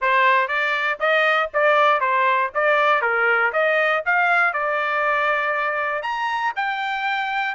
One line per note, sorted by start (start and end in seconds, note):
0.01 0.48 C5
0.48 0.98 D5
0.99 1.49 D#5
1.53 2.00 D5
2.00 2.50 C5
2.54 3.01 D5
3.01 3.52 A#4
3.52 4.03 D#5
4.05 4.53 F5
4.53 6.02 D5
6.02 6.52 A#5
6.55 7.54 G5